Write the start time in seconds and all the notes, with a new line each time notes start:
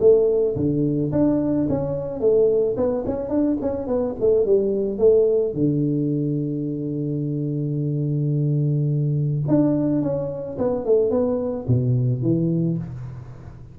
0.00 A3
0.56 D3
1.12 D4
1.69 C#4
2.20 A3
2.77 B3
3.06 C#4
3.29 D4
3.61 C#4
3.87 B3
4.20 A3
4.45 G3
4.98 A3
5.54 D3
9.47 D4
10.02 C#4
10.58 B3
10.85 A3
11.10 B3
11.68 B2
12.22 E3